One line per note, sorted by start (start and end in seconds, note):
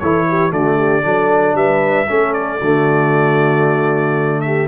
0.00 0.52 E3
0.00 0.51 E4
0.00 0.28 A4
0.00 0.52 C#5
0.29 0.53 G4
0.51 1.04 D3
0.51 1.03 A3
0.51 0.78 F#4
0.51 1.56 D5
0.78 1.04 G4
1.03 1.54 F#3
1.03 2.07 D4
1.03 1.57 A4
1.54 2.06 G3
1.54 2.09 B4
1.54 2.34 E5
2.08 2.61 A3
2.08 2.60 C#4
2.08 2.59 A4
2.34 4.41 D5
2.59 4.68 D3
2.59 4.68 A3
2.59 4.41 F#4
4.41 4.68 G4
4.41 4.67 E5